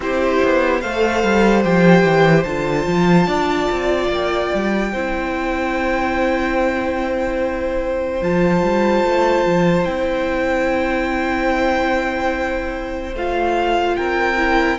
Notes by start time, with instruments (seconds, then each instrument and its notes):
0.00 cello C4, viola E4, violin G4 C5
0.43 cello B3
0.80 cello A3, viola A4, violin C5 F5
1.23 cello G3
1.63 cello F3, viola G4, violin G5
2.03 cello E3
2.43 cello D3, viola F4, violin A5
2.86 cello F3
3.27 cello D4, violin D5
3.71 cello C4
4.08 cello A#3, violin G5
4.54 cello G3
4.92 cello C4, viola E4, violin C5
8.21 cello F3, viola F4, violin A5
8.62 cello G3
9.04 cello A3
9.45 cello F3
9.84 cello C4, viola E4, violin G5
13.14 cello A3, viola F4, violin F5
13.96 cello C4, violin A#4 G5
14.37 viola E4